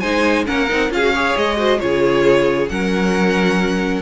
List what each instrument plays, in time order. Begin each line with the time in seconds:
0.00 cello G#3, viola D#4, violin C5 G#5
0.46 cello A#3, viola C#4, violin A#4 F#5
0.69 cello C4, viola D#4
0.90 cello C#4, viola F4, violin G#4 F5
1.02 viola F#4
1.13 viola G#4, violin C#5
1.36 cello G#3, violin D#5
1.57 viola F#4, violin C5
1.80 cello C#3, viola F4, violin G#4 C#5
2.69 cello F#3, viola C#4, violin A#4 F#5